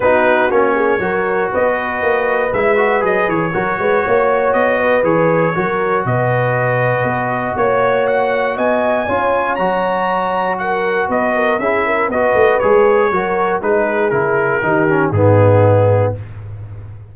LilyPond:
<<
  \new Staff \with { instrumentName = "trumpet" } { \time 4/4 \tempo 4 = 119 b'4 cis''2 dis''4~ | dis''4 e''4 dis''8 cis''4.~ | cis''4 dis''4 cis''2 | dis''2. cis''4 |
fis''4 gis''2 ais''4~ | ais''4 fis''4 dis''4 e''4 | dis''4 cis''2 b'4 | ais'2 gis'2 | }
  \new Staff \with { instrumentName = "horn" } { \time 4/4 fis'4. gis'8 ais'4 b'4~ | b'2. ais'8 b'8 | cis''4. b'4. ais'4 | b'2. cis''4~ |
cis''4 dis''4 cis''2~ | cis''4 ais'4 b'8 ais'8 gis'8 ais'8 | b'2 ais'4 gis'4~ | gis'4 g'4 dis'2 | }
  \new Staff \with { instrumentName = "trombone" } { \time 4/4 dis'4 cis'4 fis'2~ | fis'4 e'8 fis'8 gis'4 fis'4~ | fis'2 gis'4 fis'4~ | fis'1~ |
fis'2 f'4 fis'4~ | fis'2. e'4 | fis'4 gis'4 fis'4 dis'4 | e'4 dis'8 cis'8 b2 | }
  \new Staff \with { instrumentName = "tuba" } { \time 4/4 b4 ais4 fis4 b4 | ais4 gis4 fis8 e8 fis8 gis8 | ais4 b4 e4 fis4 | b,2 b4 ais4~ |
ais4 b4 cis'4 fis4~ | fis2 b4 cis'4 | b8 a8 gis4 fis4 gis4 | cis4 dis4 gis,2 | }
>>